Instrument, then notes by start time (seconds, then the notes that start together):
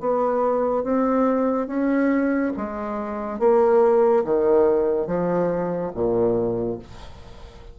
bassoon
0.00 B3
0.83 C4
1.67 C#4
2.57 G#3
3.39 A#3
4.24 D#3
5.07 F3
5.94 A#2